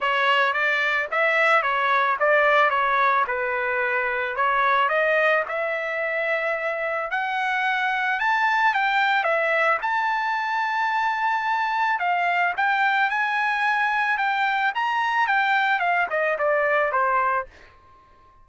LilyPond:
\new Staff \with { instrumentName = "trumpet" } { \time 4/4 \tempo 4 = 110 cis''4 d''4 e''4 cis''4 | d''4 cis''4 b'2 | cis''4 dis''4 e''2~ | e''4 fis''2 a''4 |
g''4 e''4 a''2~ | a''2 f''4 g''4 | gis''2 g''4 ais''4 | g''4 f''8 dis''8 d''4 c''4 | }